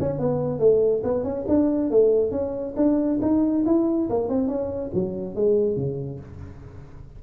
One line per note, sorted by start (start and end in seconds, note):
0.00 0.18 C#4
0.18 0.59 B3
0.59 1.02 A3
1.04 1.23 B3
1.23 1.45 C#4
1.48 1.90 D4
1.90 2.31 A3
2.31 2.74 C#4
2.76 3.19 D4
3.22 3.65 D#4
3.66 4.09 E4
4.09 4.29 A#3
4.29 4.48 C4
4.48 4.91 C#4
4.94 5.35 F#3
5.35 5.76 G#3
5.76 6.19 C#3